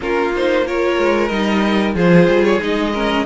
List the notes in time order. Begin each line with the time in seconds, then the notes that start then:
0.00 A#3 C#4 F4 A#4
0.35 D#4 C5
0.65 F4 A#4 C#5
0.98 G#3
1.28 G3 D#4 D#5
1.94 F3 F4 G#4 C5
2.28 G3
2.44 C#5
2.60 G#3 D#4 D#5
2.93 C#4 A#4